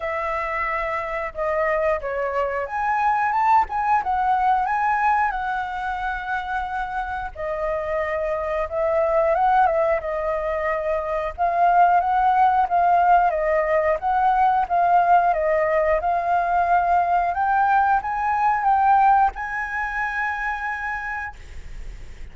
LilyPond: \new Staff \with { instrumentName = "flute" } { \time 4/4 \tempo 4 = 90 e''2 dis''4 cis''4 | gis''4 a''8 gis''8 fis''4 gis''4 | fis''2. dis''4~ | dis''4 e''4 fis''8 e''8 dis''4~ |
dis''4 f''4 fis''4 f''4 | dis''4 fis''4 f''4 dis''4 | f''2 g''4 gis''4 | g''4 gis''2. | }